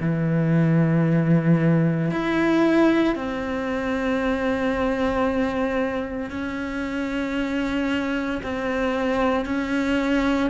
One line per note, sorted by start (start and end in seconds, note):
0.00 2.11 E3
2.11 3.15 E4
3.15 6.30 C4
6.30 8.41 C#4
8.43 9.45 C4
9.45 10.50 C#4